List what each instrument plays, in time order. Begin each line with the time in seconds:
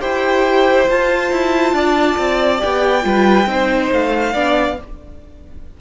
0.00 cello E4, viola G4, violin C5 G5
0.88 viola F4, cello F4, violin A5
1.31 cello E4
1.72 cello D4, violin D5
2.18 cello C4
2.58 viola G4, violin G5
2.64 cello B3
3.01 cello G3, viola F4, violin B4
3.46 cello C4, viola D#4, violin C5
3.92 cello A3, violin F5
4.33 cello B3, viola D4, violin D5